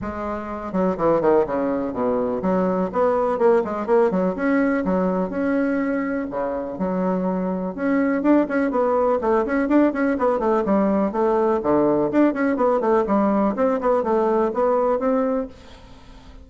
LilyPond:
\new Staff \with { instrumentName = "bassoon" } { \time 4/4 \tempo 4 = 124 gis4. fis8 e8 dis8 cis4 | b,4 fis4 b4 ais8 gis8 | ais8 fis8 cis'4 fis4 cis'4~ | cis'4 cis4 fis2 |
cis'4 d'8 cis'8 b4 a8 cis'8 | d'8 cis'8 b8 a8 g4 a4 | d4 d'8 cis'8 b8 a8 g4 | c'8 b8 a4 b4 c'4 | }